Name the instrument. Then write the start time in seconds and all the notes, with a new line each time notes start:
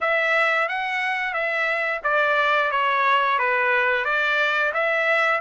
trumpet
0.00 E5
0.68 F#5
1.33 E5
2.03 D5
2.71 C#5
3.38 B4
4.04 D5
4.73 E5